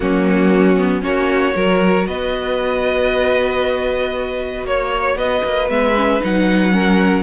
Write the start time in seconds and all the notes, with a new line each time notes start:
0.00 F#3 A#3 C#4 F#4
0.76 B3
1.01 A#3 C#4 F#4 C#5
1.54 F#3 F#4 A#4
2.07 B3 B4 D#5
4.63 A#3 C#5
5.15 B3 B4 D#5
5.44 A#3
5.69 G#3 B3 E5
5.95 C#4
6.20 F#3 D#4 F#5
6.72 C#4 A#4